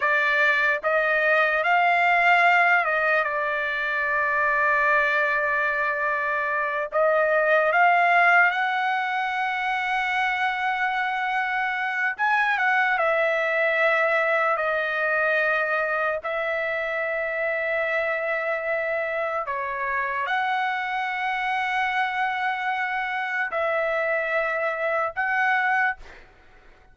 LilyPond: \new Staff \with { instrumentName = "trumpet" } { \time 4/4 \tempo 4 = 74 d''4 dis''4 f''4. dis''8 | d''1~ | d''8 dis''4 f''4 fis''4.~ | fis''2. gis''8 fis''8 |
e''2 dis''2 | e''1 | cis''4 fis''2.~ | fis''4 e''2 fis''4 | }